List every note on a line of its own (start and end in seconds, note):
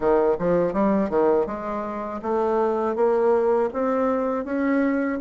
0.00 0.36 D#3
0.38 0.73 F3
0.73 1.09 G3
1.09 1.46 D#3
1.46 2.20 G#3
2.22 2.95 A3
2.95 3.69 A#3
3.73 4.44 C4
4.44 5.19 C#4